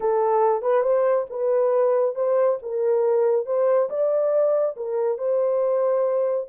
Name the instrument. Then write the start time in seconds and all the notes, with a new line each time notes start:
horn
0.00 A4
0.61 B4
0.82 C5
1.29 B4
2.15 C5
2.62 A#4
3.46 C5
3.89 D5
4.76 A#4
5.18 C5